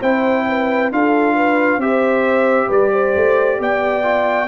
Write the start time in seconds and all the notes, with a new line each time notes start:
0.00 C4 E4 C5 G5
0.48 B4
0.91 D4 F4 A4 F5
1.35 B4
1.77 C4 G4 C5 E5
2.67 G3 B4 D5
2.92 C5
3.15 A3
3.59 B3 D5 G5
4.03 F4